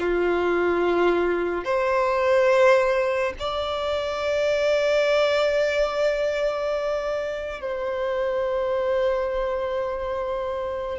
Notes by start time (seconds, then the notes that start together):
0.00 F4
1.65 C5
3.40 D5
7.61 C5